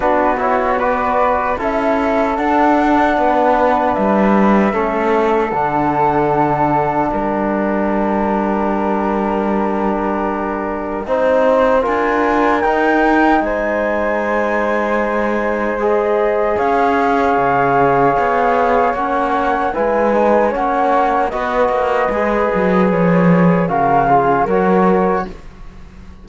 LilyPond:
<<
  \new Staff \with { instrumentName = "flute" } { \time 4/4 \tempo 4 = 76 b'8 cis''8 d''4 e''4 fis''4~ | fis''4 e''2 fis''4~ | fis''4 g''2.~ | g''2. gis''4 |
g''4 gis''2. | dis''4 f''2. | fis''4 gis''4 fis''4 dis''4~ | dis''4 cis''4 f''4 cis''4 | }
  \new Staff \with { instrumentName = "flute" } { \time 4/4 fis'4 b'4 a'2 | b'2 a'2~ | a'4 ais'2.~ | ais'2 c''4 ais'4~ |
ais'4 c''2.~ | c''4 cis''2.~ | cis''4 b'4 cis''4 b'4~ | b'2 ais'8 gis'8 ais'4 | }
  \new Staff \with { instrumentName = "trombone" } { \time 4/4 d'8 e'8 fis'4 e'4 d'4~ | d'2 cis'4 d'4~ | d'1~ | d'2 dis'4 f'4 |
dis'1 | gis'1 | cis'4 e'8 dis'8 cis'4 fis'4 | gis'2 fis'8 f'8 fis'4 | }
  \new Staff \with { instrumentName = "cello" } { \time 4/4 b2 cis'4 d'4 | b4 g4 a4 d4~ | d4 g2.~ | g2 c'4 d'4 |
dis'4 gis2.~ | gis4 cis'4 cis4 b4 | ais4 gis4 ais4 b8 ais8 | gis8 fis8 f4 cis4 fis4 | }
>>